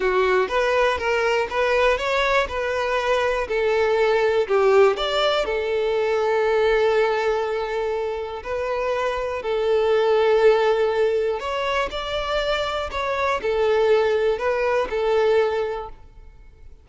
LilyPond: \new Staff \with { instrumentName = "violin" } { \time 4/4 \tempo 4 = 121 fis'4 b'4 ais'4 b'4 | cis''4 b'2 a'4~ | a'4 g'4 d''4 a'4~ | a'1~ |
a'4 b'2 a'4~ | a'2. cis''4 | d''2 cis''4 a'4~ | a'4 b'4 a'2 | }